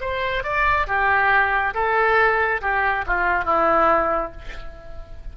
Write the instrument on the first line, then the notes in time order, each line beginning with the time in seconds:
oboe
0.00 C5
0.43 D5
0.87 G4
1.74 A4
2.61 G4
3.06 F4
3.44 E4